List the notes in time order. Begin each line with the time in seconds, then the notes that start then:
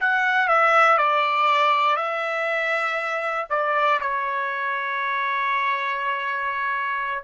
0.00 F#5
0.48 E5
0.98 D5
1.97 E5
3.50 D5
4.00 C#5